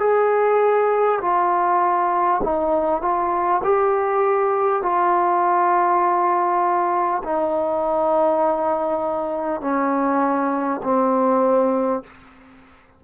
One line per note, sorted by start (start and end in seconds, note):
0.00 1.20 G#4
1.22 2.42 F4
2.43 3.02 D#4
3.02 3.62 F4
3.64 4.83 G4
4.83 7.23 F4
7.24 9.61 D#4
9.61 10.81 C#4
10.83 12.03 C4